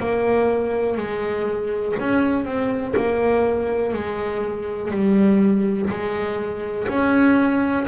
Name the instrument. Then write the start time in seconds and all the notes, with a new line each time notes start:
double bass
0.00 A#3
0.98 G#3
2.00 C#4
2.45 C4
2.97 A#3
3.94 G#3
4.91 G3
5.90 G#3
6.89 C#4